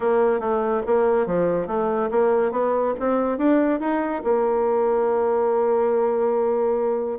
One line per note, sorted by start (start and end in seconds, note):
0.00 0.40 A#3
0.40 0.82 A3
0.86 1.26 A#3
1.26 1.67 F3
1.67 2.09 A3
2.10 2.51 A#3
2.51 2.93 B3
2.99 3.38 C4
3.38 3.80 D4
3.80 4.22 D#4
4.23 7.19 A#3